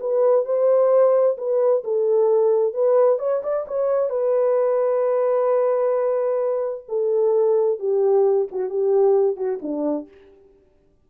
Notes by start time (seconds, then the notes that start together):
0.00 B4
0.45 C5
1.37 B4
1.84 A4
2.74 B4
3.19 C#5
3.43 D5
3.67 C#5
4.10 B4
6.88 A4
7.79 G4
8.51 F#4
8.70 G4
9.36 F#4
9.62 D4